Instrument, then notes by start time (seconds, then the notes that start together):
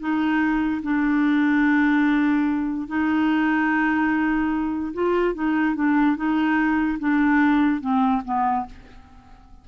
clarinet
0.00 D#4
0.83 D4
2.88 D#4
4.94 F4
5.35 D#4
5.76 D4
6.17 D#4
7.00 D4
7.81 C4
8.25 B3